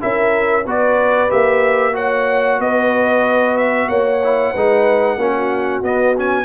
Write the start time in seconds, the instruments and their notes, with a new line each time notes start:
0.00 tuba C#4, trombone E4, horn A#4, trumpet E5
0.64 tuba B3, trombone F#4, horn B4, trumpet D5
1.29 tuba A#3, trombone G4, trumpet E5
1.92 trombone F#4, horn C#5, trumpet F#5
2.59 tuba B3, horn B4, trumpet D#5
3.57 trumpet E5
3.88 tuba A#3, horn C#5, trumpet F#5
4.23 trombone E4
4.51 tuba G#3, trombone D#4, horn B4
5.16 tuba A#3, trombone C#4, horn F#4
5.82 trombone B3, tuba B3, trumpet D#5
6.17 trombone C#4, trumpet G#5